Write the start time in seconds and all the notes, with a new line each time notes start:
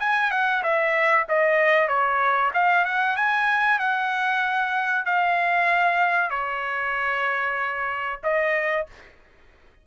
0.00 G#5
0.31 F#5
0.63 E5
1.29 D#5
1.88 C#5
2.54 F5
2.85 F#5
3.16 G#5
3.79 F#5
5.05 F5
6.30 C#5
8.23 D#5